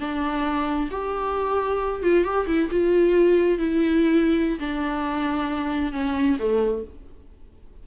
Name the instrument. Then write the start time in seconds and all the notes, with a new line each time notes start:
viola
0.00 D4
0.91 G4
2.03 F4
2.24 G4
2.47 E4
2.71 F4
3.58 E4
4.60 D4
5.93 C#4
6.39 A3